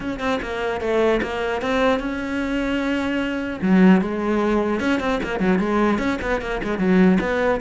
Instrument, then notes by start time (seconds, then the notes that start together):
cello
0.00 C#4
0.19 C4
0.42 A#3
0.80 A3
1.22 A#3
1.61 C4
1.99 C#4
3.61 F#3
4.01 G#3
4.79 C#4
5.00 C4
5.23 A#3
5.39 F#3
5.59 G#3
5.98 C#4
6.21 B3
6.41 A#3
6.63 G#3
6.78 F#3
7.20 B3